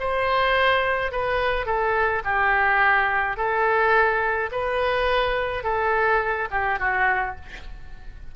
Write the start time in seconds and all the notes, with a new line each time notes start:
0.00 C5
1.12 B4
1.66 A4
2.25 G4
3.37 A4
4.52 B4
5.64 A4
6.51 G4
6.80 F#4